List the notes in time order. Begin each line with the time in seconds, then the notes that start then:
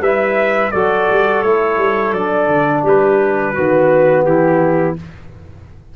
0.00 G3 E4 B4 E5
0.71 F#3 F#4 A4 D5
1.10 G3
1.42 A3 E4 C#5
1.77 G3
2.12 F#3 D4 D5
2.47 D3
2.83 G3 G4 B4
3.52 D#3 B3 F#4
4.24 E3 E4 G4